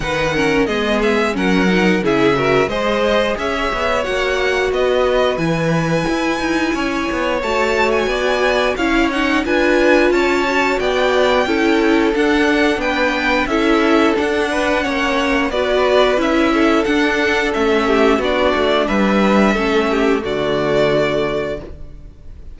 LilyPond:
<<
  \new Staff \with { instrumentName = "violin" } { \time 4/4 \tempo 4 = 89 fis''4 dis''8 e''8 fis''4 e''4 | dis''4 e''4 fis''4 dis''4 | gis''2. a''8. gis''16~ | gis''4 f''8 fis''8 gis''4 a''4 |
g''2 fis''4 g''4 | e''4 fis''2 d''4 | e''4 fis''4 e''4 d''4 | e''2 d''2 | }
  \new Staff \with { instrumentName = "violin" } { \time 4/4 b'8 ais'8 gis'4 ais'4 gis'8 ais'8 | c''4 cis''2 b'4~ | b'2 cis''2 | d''4 cis''4 b'4 cis''4 |
d''4 a'2 b'4 | a'4. b'8 cis''4 b'4~ | b'8 a'2 g'8 fis'4 | b'4 a'8 g'8 fis'2 | }
  \new Staff \with { instrumentName = "viola" } { \time 4/4 dis'8 cis'8 b4 cis'8 dis'8 e'8 fis'8 | gis'2 fis'2 | e'2. fis'4~ | fis'4 e'8 dis'8 f'4. fis'8~ |
fis'4 e'4 d'2 | e'4 d'4 cis'4 fis'4 | e'4 d'4 cis'4 d'4~ | d'4 cis'4 a2 | }
  \new Staff \with { instrumentName = "cello" } { \time 4/4 dis4 gis4 fis4 cis4 | gis4 cis'8 b8 ais4 b4 | e4 e'8 dis'8 cis'8 b8 a4 | b4 cis'4 d'4 cis'4 |
b4 cis'4 d'4 b4 | cis'4 d'4 ais4 b4 | cis'4 d'4 a4 b8 a8 | g4 a4 d2 | }
>>